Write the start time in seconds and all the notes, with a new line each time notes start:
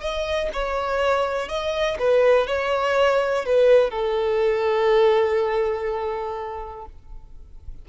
0.00 D#5
0.53 C#5
1.48 D#5
1.99 B4
2.47 C#5
3.45 B4
3.90 A4